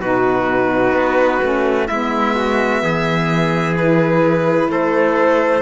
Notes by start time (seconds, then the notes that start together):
0.00 B2 D#4 F#4 B4
0.93 B3
1.42 A3 C#4
1.87 G#3 B3 E4 E5
2.36 F#4
2.83 E3 G#4
3.77 E4 B4
4.69 A3 A4 C5